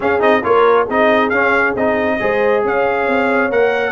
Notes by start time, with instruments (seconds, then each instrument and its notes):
0.00 trombone C#4, tuba C#4, horn G#4, trumpet F5
0.19 tuba C4, trombone D#4, trumpet D#5
0.43 tuba A#3, trombone F4, horn A#4, trumpet C#5
0.84 tuba C4, trombone D#4, horn G#4, trumpet D#5
1.29 tuba C#4, trombone C#4, trumpet F5
1.75 tuba C4, trombone D#4, trumpet D#5
2.19 tuba G#3, trombone G#4, horn C5
2.64 tuba C#4, horn C#5, trumpet F5
3.07 tuba C4
3.50 tuba A#3, trombone A#4, trumpet F#5